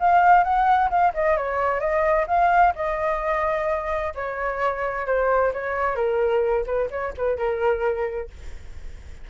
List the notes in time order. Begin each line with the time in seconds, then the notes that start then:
0.00 F5
0.44 F#5
0.90 F5
1.14 D#5
1.37 C#5
1.80 D#5
2.28 F5
2.76 D#5
4.15 C#5
5.07 C5
5.53 C#5
5.96 A#4
6.67 B4
6.91 C#5
7.18 B4
7.38 A#4